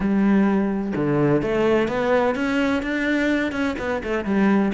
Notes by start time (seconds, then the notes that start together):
0.00 G3
0.95 D3
1.42 A3
1.87 B3
2.35 C#4
2.82 D4
3.52 C#4
3.79 B3
4.03 A3
4.24 G3